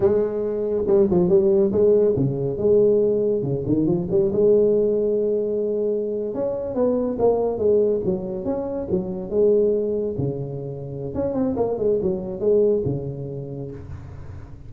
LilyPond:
\new Staff \with { instrumentName = "tuba" } { \time 4/4 \tempo 4 = 140 gis2 g8 f8 g4 | gis4 cis4 gis2 | cis8 dis8 f8 g8 gis2~ | gis2~ gis8. cis'4 b16~ |
b8. ais4 gis4 fis4 cis'16~ | cis'8. fis4 gis2 cis16~ | cis2 cis'8 c'8 ais8 gis8 | fis4 gis4 cis2 | }